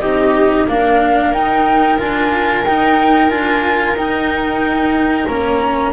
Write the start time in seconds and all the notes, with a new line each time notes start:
0.00 C4 D#4 G4 D#5
0.67 A#3 D4 A#4 F5
1.31 D#4 G5
1.98 D4 F4 G#5
2.64 D#4 G5
3.29 D4 F4 G#5
3.93 D#4 G5
5.26 A#3 C#4 A#5